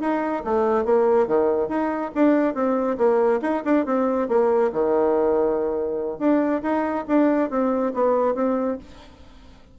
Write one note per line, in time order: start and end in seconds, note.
0.00 0.43 D#4
0.44 0.85 A3
0.85 1.27 A#3
1.27 1.68 D#3
1.68 2.11 D#4
2.14 2.54 D4
2.54 2.97 C4
2.97 3.40 A#3
3.41 3.63 D#4
3.64 3.85 D4
3.85 4.28 C4
4.28 4.71 A#3
4.72 6.18 D#3
6.18 6.61 D4
6.62 7.05 D#4
7.07 7.50 D4
7.50 7.92 C4
7.94 8.35 B3
8.35 8.77 C4